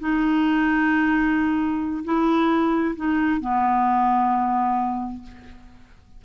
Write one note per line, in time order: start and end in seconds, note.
0.00 2.05 D#4
2.05 2.96 E4
2.96 3.41 D#4
3.41 5.23 B3